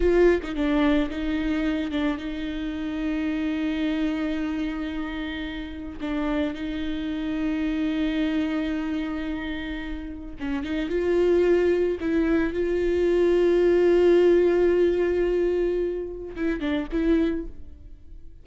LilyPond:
\new Staff \with { instrumentName = "viola" } { \time 4/4 \tempo 4 = 110 f'8. dis'16 d'4 dis'4. d'8 | dis'1~ | dis'2. d'4 | dis'1~ |
dis'2. cis'8 dis'8 | f'2 e'4 f'4~ | f'1~ | f'2 e'8 d'8 e'4 | }